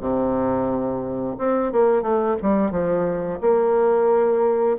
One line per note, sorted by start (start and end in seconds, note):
0.00 1.36 C3
1.38 1.72 C4
1.72 2.02 A#3
2.02 2.36 A3
2.42 2.71 G3
2.71 3.39 F3
3.41 4.78 A#3